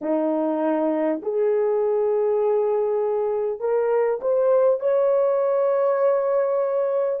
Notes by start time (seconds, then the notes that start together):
0.01 D#4
1.22 G#4
3.59 A#4
4.21 C5
4.79 C#5